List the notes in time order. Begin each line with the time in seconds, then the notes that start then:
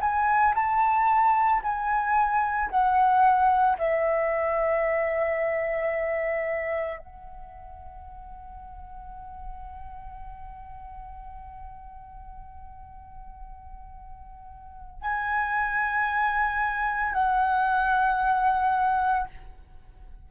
0.00 G#5
0.55 A5
1.62 G#5
2.70 F#5
3.78 E5
6.98 F#5
15.01 G#5
17.13 F#5